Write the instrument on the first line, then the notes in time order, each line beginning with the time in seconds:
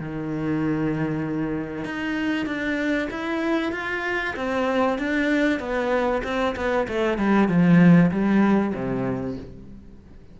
cello
0.00 D#3
1.85 D#4
2.46 D4
3.11 E4
3.72 F4
4.36 C4
4.99 D4
5.60 B3
6.24 C4
6.56 B3
6.88 A3
7.18 G3
7.49 F3
8.11 G3
8.74 C3